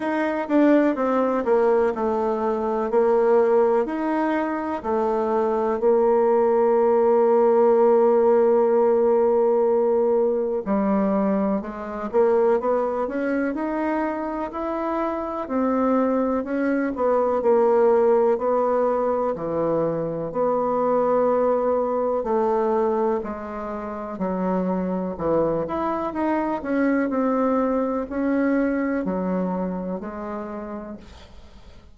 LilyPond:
\new Staff \with { instrumentName = "bassoon" } { \time 4/4 \tempo 4 = 62 dis'8 d'8 c'8 ais8 a4 ais4 | dis'4 a4 ais2~ | ais2. g4 | gis8 ais8 b8 cis'8 dis'4 e'4 |
c'4 cis'8 b8 ais4 b4 | e4 b2 a4 | gis4 fis4 e8 e'8 dis'8 cis'8 | c'4 cis'4 fis4 gis4 | }